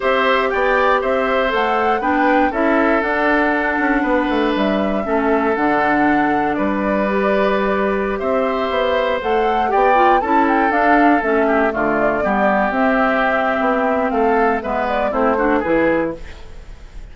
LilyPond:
<<
  \new Staff \with { instrumentName = "flute" } { \time 4/4 \tempo 4 = 119 e''4 g''4 e''4 fis''4 | g''4 e''4 fis''2~ | fis''4 e''2 fis''4~ | fis''4 d''2.~ |
d''16 e''2 fis''4 g''8.~ | g''16 a''8 g''8 f''4 e''4 d''8.~ | d''4~ d''16 e''2~ e''8. | f''4 e''8 d''8 c''4 b'4 | }
  \new Staff \with { instrumentName = "oboe" } { \time 4/4 c''4 d''4 c''2 | b'4 a'2. | b'2 a'2~ | a'4 b'2.~ |
b'16 c''2. d''8.~ | d''16 a'2~ a'8 g'8 f'8.~ | f'16 g'2.~ g'8. | a'4 b'4 e'8 fis'8 gis'4 | }
  \new Staff \with { instrumentName = "clarinet" } { \time 4/4 g'2. a'4 | d'4 e'4 d'2~ | d'2 cis'4 d'4~ | d'2 g'2~ |
g'2~ g'16 a'4 g'8 f'16~ | f'16 e'4 d'4 cis'4 a8.~ | a16 b4 c'2~ c'8.~ | c'4 b4 c'8 d'8 e'4 | }
  \new Staff \with { instrumentName = "bassoon" } { \time 4/4 c'4 b4 c'4 a4 | b4 cis'4 d'4. cis'8 | b8 a8 g4 a4 d4~ | d4 g2.~ |
g16 c'4 b4 a4 b8.~ | b16 cis'4 d'4 a4 d8.~ | d16 g4 c'4.~ c'16 b4 | a4 gis4 a4 e4 | }
>>